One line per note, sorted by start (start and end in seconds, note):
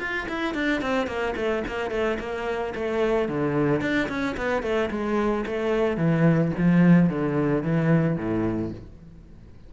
0.00 0.27 F4
0.29 0.55 E4
0.55 0.82 D4
0.82 1.07 C4
1.07 1.35 A#3
1.37 1.64 A3
1.68 1.91 A#3
1.91 2.18 A3
2.20 2.74 A#3
2.75 3.29 A3
3.29 3.81 D3
3.81 4.09 D4
4.09 4.36 C#4
4.37 4.63 B3
4.63 4.90 A3
4.91 5.45 G#3
5.46 5.98 A3
5.98 6.52 E3
6.58 7.10 F3
7.10 7.63 D3
7.63 8.17 E3
8.17 8.72 A2